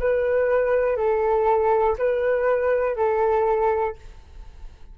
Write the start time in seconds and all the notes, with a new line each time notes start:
0.00 B4
0.97 A4
1.99 B4
2.96 A4